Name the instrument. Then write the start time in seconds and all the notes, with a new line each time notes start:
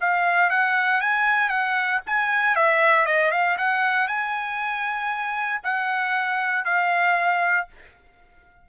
trumpet
0.00 F5
0.50 F#5
1.01 G#5
1.49 F#5
2.06 G#5
2.55 E5
3.05 D#5
3.31 F5
3.57 F#5
4.07 G#5
5.63 F#5
6.65 F5